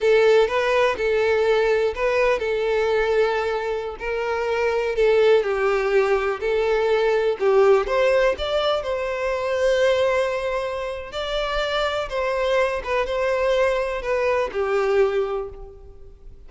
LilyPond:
\new Staff \with { instrumentName = "violin" } { \time 4/4 \tempo 4 = 124 a'4 b'4 a'2 | b'4 a'2.~ | a'16 ais'2 a'4 g'8.~ | g'4~ g'16 a'2 g'8.~ |
g'16 c''4 d''4 c''4.~ c''16~ | c''2. d''4~ | d''4 c''4. b'8 c''4~ | c''4 b'4 g'2 | }